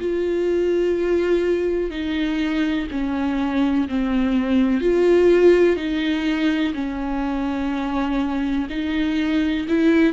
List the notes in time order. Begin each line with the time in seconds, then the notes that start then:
0.00 F4
1.90 D#4
2.91 C#4
3.88 C4
4.81 F4
5.76 D#4
6.74 C#4
8.70 D#4
9.69 E4